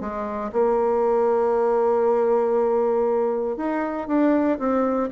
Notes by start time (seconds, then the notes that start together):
0.00 G#3
0.52 A#3
3.56 D#4
4.07 D4
4.58 C4